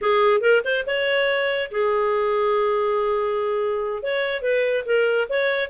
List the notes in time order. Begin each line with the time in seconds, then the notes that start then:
0.01 G#4
0.41 A#4
0.64 C5
0.86 C#5
1.71 G#4
4.02 C#5
4.42 B4
4.85 A#4
5.29 C#5